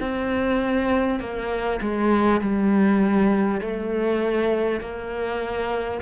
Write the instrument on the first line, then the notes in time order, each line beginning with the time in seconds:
cello
0.00 C4
1.19 A#3
1.81 G#3
2.40 G3
3.60 A3
4.80 A#3